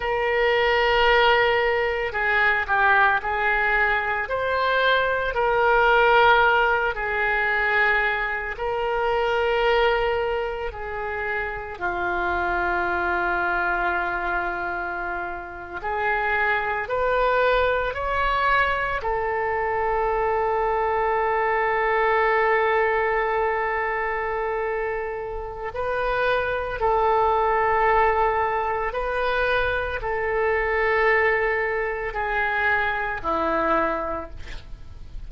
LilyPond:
\new Staff \with { instrumentName = "oboe" } { \time 4/4 \tempo 4 = 56 ais'2 gis'8 g'8 gis'4 | c''4 ais'4. gis'4. | ais'2 gis'4 f'4~ | f'2~ f'8. gis'4 b'16~ |
b'8. cis''4 a'2~ a'16~ | a'1 | b'4 a'2 b'4 | a'2 gis'4 e'4 | }